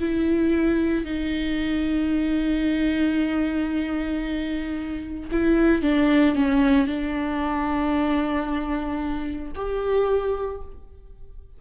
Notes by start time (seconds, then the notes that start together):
0.00 E4
1.05 D#4
5.32 E4
5.82 D4
6.36 C#4
6.87 D4
9.56 G4